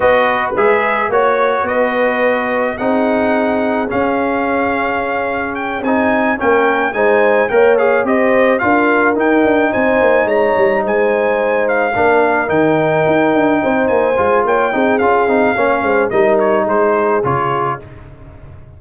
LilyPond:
<<
  \new Staff \with { instrumentName = "trumpet" } { \time 4/4 \tempo 4 = 108 dis''4 e''4 cis''4 dis''4~ | dis''4 fis''2 f''4~ | f''2 g''8 gis''4 g''8~ | g''8 gis''4 g''8 f''8 dis''4 f''8~ |
f''8 g''4 gis''4 ais''4 gis''8~ | gis''4 f''4. g''4.~ | g''4 gis''4 g''4 f''4~ | f''4 dis''8 cis''8 c''4 cis''4 | }
  \new Staff \with { instrumentName = "horn" } { \time 4/4 b'2 cis''4 b'4~ | b'4 gis'2.~ | gis'2.~ gis'8 ais'8~ | ais'8 c''4 cis''4 c''4 ais'8~ |
ais'4. c''4 cis''4 c''8~ | c''4. ais'2~ ais'8~ | ais'8 c''4. cis''8 gis'4. | cis''8 c''8 ais'4 gis'2 | }
  \new Staff \with { instrumentName = "trombone" } { \time 4/4 fis'4 gis'4 fis'2~ | fis'4 dis'2 cis'4~ | cis'2~ cis'8 dis'4 cis'8~ | cis'8 dis'4 ais'8 gis'8 g'4 f'8~ |
f'8 dis'2.~ dis'8~ | dis'4. d'4 dis'4.~ | dis'4. f'4 dis'8 f'8 dis'8 | cis'4 dis'2 f'4 | }
  \new Staff \with { instrumentName = "tuba" } { \time 4/4 b4 gis4 ais4 b4~ | b4 c'2 cis'4~ | cis'2~ cis'8 c'4 ais8~ | ais8 gis4 ais4 c'4 d'8~ |
d'8 dis'8 d'8 c'8 ais8 gis8 g8 gis8~ | gis4. ais4 dis4 dis'8 | d'8 c'8 ais8 gis8 ais8 c'8 cis'8 c'8 | ais8 gis8 g4 gis4 cis4 | }
>>